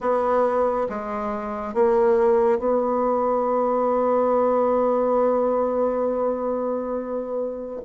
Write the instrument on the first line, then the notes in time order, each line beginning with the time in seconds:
bassoon
0.00 B3
0.89 G#3
1.74 A#3
2.58 B3